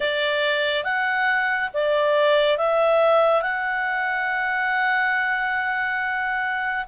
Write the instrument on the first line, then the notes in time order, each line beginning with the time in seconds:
clarinet
0.00 D5
0.84 F#5
1.73 D5
2.57 E5
3.42 F#5